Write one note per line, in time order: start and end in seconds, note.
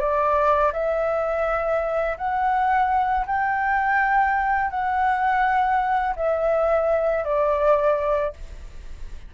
0.00 0.72 D5
0.73 2.18 E5
2.18 3.26 F#5
3.27 4.71 G5
4.71 6.15 F#5
6.16 7.25 E5
7.25 8.33 D5